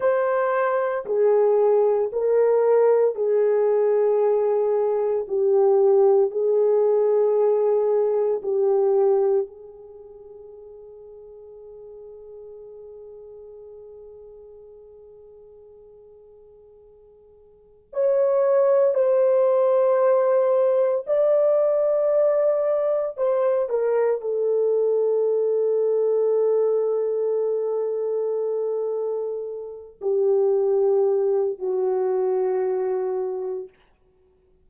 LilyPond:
\new Staff \with { instrumentName = "horn" } { \time 4/4 \tempo 4 = 57 c''4 gis'4 ais'4 gis'4~ | gis'4 g'4 gis'2 | g'4 gis'2.~ | gis'1~ |
gis'4 cis''4 c''2 | d''2 c''8 ais'8 a'4~ | a'1~ | a'8 g'4. fis'2 | }